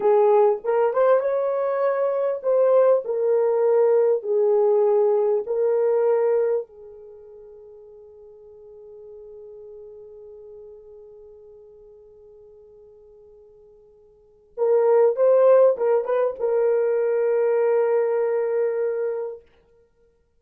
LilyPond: \new Staff \with { instrumentName = "horn" } { \time 4/4 \tempo 4 = 99 gis'4 ais'8 c''8 cis''2 | c''4 ais'2 gis'4~ | gis'4 ais'2 gis'4~ | gis'1~ |
gis'1~ | gis'1 | ais'4 c''4 ais'8 b'8 ais'4~ | ais'1 | }